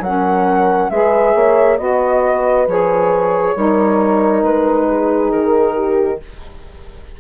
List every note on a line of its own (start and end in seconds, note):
0.00 0.88 F#3
0.00 0.92 C#4
0.00 0.91 A#4
0.00 0.90 F#5
0.90 1.35 G#3
0.90 1.78 G#4
0.90 1.35 B4
0.90 1.78 E5
1.35 1.79 A#3
1.35 1.78 C#5
1.78 2.67 B3
1.78 2.67 F#4
1.78 2.22 D#5
1.78 2.68 D#5
2.26 3.56 B4
2.67 3.56 F3
2.67 3.56 G#4
2.67 4.44 C#5
3.56 4.43 G3
3.56 6.21 D#4
3.56 4.89 A#4
4.43 5.32 G#3
4.43 5.32 B4
4.90 5.75 G#4
5.32 6.21 D#3
5.32 6.20 A#4
5.75 6.19 G4